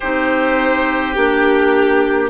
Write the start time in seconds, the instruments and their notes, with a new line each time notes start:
0.00 bassoon C4, clarinet D#4, oboe G4, violin C5
1.13 bassoon A#3, clarinet D4, violin G4